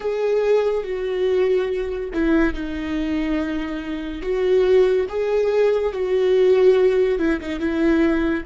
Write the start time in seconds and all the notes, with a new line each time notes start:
0.00 G#4
0.83 F#4
2.13 E4
2.53 D#4
4.22 F#4
5.08 G#4
5.92 F#4
7.18 E4
7.40 D#4
7.59 E4